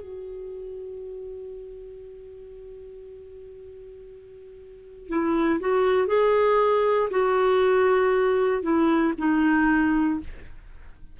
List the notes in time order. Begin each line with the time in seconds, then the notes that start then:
0.00 F#4
5.08 E4
5.60 F#4
6.07 G#4
7.10 F#4
8.62 E4
9.18 D#4